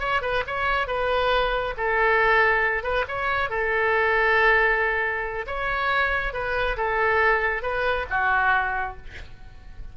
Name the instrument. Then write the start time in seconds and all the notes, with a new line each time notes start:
oboe
0.00 C#5
0.22 B4
0.47 C#5
0.88 B4
1.78 A4
2.83 B4
3.08 C#5
3.50 A4
5.47 C#5
6.33 B4
6.77 A4
7.63 B4
8.10 F#4